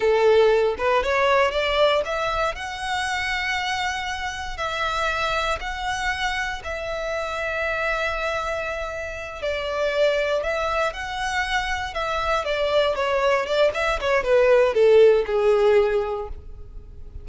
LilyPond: \new Staff \with { instrumentName = "violin" } { \time 4/4 \tempo 4 = 118 a'4. b'8 cis''4 d''4 | e''4 fis''2.~ | fis''4 e''2 fis''4~ | fis''4 e''2.~ |
e''2~ e''8 d''4.~ | d''8 e''4 fis''2 e''8~ | e''8 d''4 cis''4 d''8 e''8 cis''8 | b'4 a'4 gis'2 | }